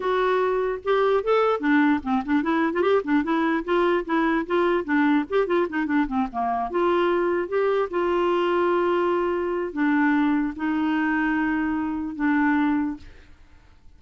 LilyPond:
\new Staff \with { instrumentName = "clarinet" } { \time 4/4 \tempo 4 = 148 fis'2 g'4 a'4 | d'4 c'8 d'8 e'8. f'16 g'8 d'8 | e'4 f'4 e'4 f'4 | d'4 g'8 f'8 dis'8 d'8 c'8 ais8~ |
ais8 f'2 g'4 f'8~ | f'1 | d'2 dis'2~ | dis'2 d'2 | }